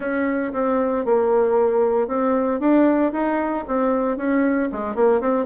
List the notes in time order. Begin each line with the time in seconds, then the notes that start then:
0.00 C#4
0.52 C4
1.05 A#3
2.07 C4
2.60 D4
3.12 D#4
3.67 C4
4.17 C#4
4.71 G#3
4.95 A#3
5.21 C4